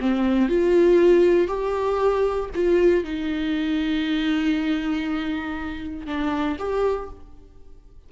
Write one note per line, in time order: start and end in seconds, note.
0.00 0.48 C4
0.48 1.47 F4
1.47 2.49 G4
2.54 3.04 F4
3.04 6.06 D#4
6.06 6.57 D4
6.58 7.09 G4